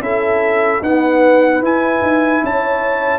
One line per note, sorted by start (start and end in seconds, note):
0.00 0.80 C#4
0.00 0.82 E4
0.00 0.82 A4
0.00 0.82 E5
0.81 1.62 B3
0.81 1.61 D#4
0.81 2.42 B4
0.81 1.63 F#5
1.61 2.01 E4
1.61 3.19 E4
1.61 2.45 G#5
2.01 2.41 D#4
2.43 3.19 C#4
2.43 3.19 C#5
2.43 3.19 A5